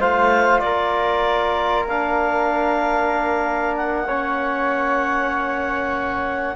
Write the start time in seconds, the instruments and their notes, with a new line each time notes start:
0.00 cello A3, trombone F4, flute C5, clarinet F5
0.60 cello A#3, flute A#4, clarinet D5
1.89 trombone D4, clarinet F5
3.77 clarinet F#5
4.07 trombone C#4, flute C#5